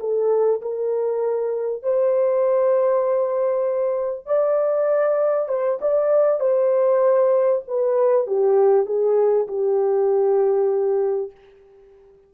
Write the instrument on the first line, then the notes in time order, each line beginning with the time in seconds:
horn
0.00 A4
0.62 A#4
1.83 C5
4.26 D5
5.49 C5
5.81 D5
6.40 C5
7.68 B4
8.27 G4
8.86 G#4
9.48 G4